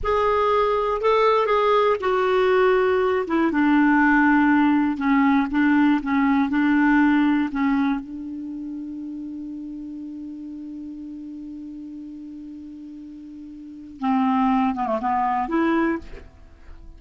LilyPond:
\new Staff \with { instrumentName = "clarinet" } { \time 4/4 \tempo 4 = 120 gis'2 a'4 gis'4 | fis'2~ fis'8 e'8 d'4~ | d'2 cis'4 d'4 | cis'4 d'2 cis'4 |
d'1~ | d'1~ | d'1 | c'4. b16 a16 b4 e'4 | }